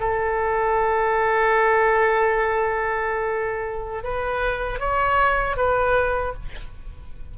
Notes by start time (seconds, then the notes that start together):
0.00 A4
4.04 B4
4.80 C#5
5.57 B4